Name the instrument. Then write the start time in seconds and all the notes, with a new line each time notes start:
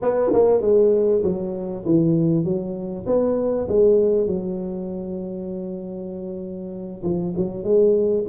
tuba
0.01 B3
0.32 A#3
0.61 G#3
1.23 F#3
1.85 E3
2.44 F#3
3.06 B3
3.68 G#3
4.27 F#3
7.03 F3
7.36 F#3
7.63 G#3